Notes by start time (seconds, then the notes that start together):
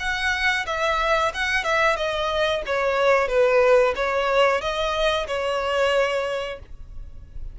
0.00 F#5
0.67 E5
1.34 F#5
1.65 E5
1.97 D#5
2.66 C#5
3.28 B4
3.96 C#5
4.62 D#5
5.28 C#5